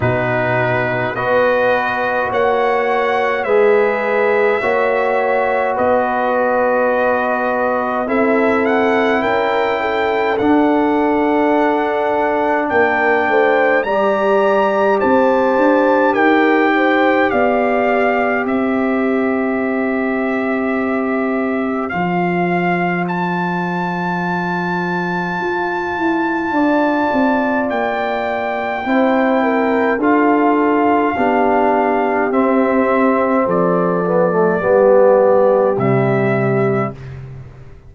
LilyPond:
<<
  \new Staff \with { instrumentName = "trumpet" } { \time 4/4 \tempo 4 = 52 b'4 dis''4 fis''4 e''4~ | e''4 dis''2 e''8 fis''8 | g''4 fis''2 g''4 | ais''4 a''4 g''4 f''4 |
e''2. f''4 | a''1 | g''2 f''2 | e''4 d''2 e''4 | }
  \new Staff \with { instrumentName = "horn" } { \time 4/4 fis'4 b'4 cis''4 b'4 | cis''4 b'2 a'4 | ais'8 a'2~ a'8 ais'8 c''8 | d''4 c''4 ais'8 c''8 d''4 |
c''1~ | c''2. d''4~ | d''4 c''8 ais'8 a'4 g'4~ | g'4 a'4 g'2 | }
  \new Staff \with { instrumentName = "trombone" } { \time 4/4 dis'4 fis'2 gis'4 | fis'2. e'4~ | e'4 d'2. | g'1~ |
g'2. f'4~ | f'1~ | f'4 e'4 f'4 d'4 | c'4. b16 a16 b4 g4 | }
  \new Staff \with { instrumentName = "tuba" } { \time 4/4 b,4 b4 ais4 gis4 | ais4 b2 c'4 | cis'4 d'2 ais8 a8 | g4 c'8 d'8 dis'4 b4 |
c'2. f4~ | f2 f'8 e'8 d'8 c'8 | ais4 c'4 d'4 b4 | c'4 f4 g4 c4 | }
>>